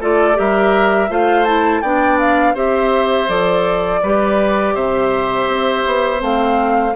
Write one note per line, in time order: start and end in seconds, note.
0.00 0.37 A3
0.00 0.34 F4
0.00 0.37 A4
0.00 0.39 D5
0.34 1.09 G3
0.34 1.07 G4
0.34 1.10 A#4
0.34 1.12 E5
1.09 1.82 A3
1.09 1.45 F4
1.09 1.82 C5
1.09 1.44 F5
1.44 1.82 E4
1.44 1.81 A5
1.81 2.55 B3
1.81 2.55 D4
1.81 2.54 D5
1.81 2.18 G5
2.19 2.55 F5
2.54 3.28 C4
2.54 3.27 G4
2.54 4.00 C5
2.54 3.29 E5
3.27 4.01 F3
3.27 4.01 A4
3.27 4.75 D5
4.02 4.74 G3
4.02 6.18 G4
4.02 4.74 B4
4.74 5.47 C3
4.74 6.94 C5
4.74 6.21 E5
5.47 5.84 C4
5.86 6.21 B3
6.18 6.94 A3
6.18 6.91 C4
6.18 6.96 F5